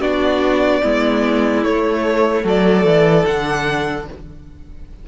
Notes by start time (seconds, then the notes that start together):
0.00 B3 D4 F#4 D5
0.82 G#3 B3 E4
1.63 A3 C#5
2.44 F#3 A4 D5
2.84 E3
3.25 D3 D4 F#5